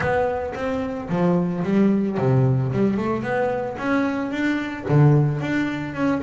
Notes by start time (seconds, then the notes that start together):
0.00 B3
0.54 C4
1.09 F3
1.63 G3
2.17 C3
2.72 G3
2.97 A3
3.22 B3
3.78 C#4
4.31 D4
4.88 D3
5.40 D4
5.94 C#4